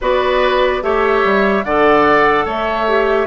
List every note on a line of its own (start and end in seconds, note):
0.01 0.82 B3
0.01 0.81 F#4
0.01 0.83 B4
0.01 0.83 D5
0.81 1.23 A3
0.81 1.64 G4
0.81 1.65 C#5
0.81 1.64 E5
1.24 1.65 G3
1.64 2.45 D3
1.64 2.87 A4
1.64 2.45 D5
1.64 2.46 F#5
2.45 3.27 A3
2.45 3.27 C#5
2.45 3.27 E5
2.87 3.27 G4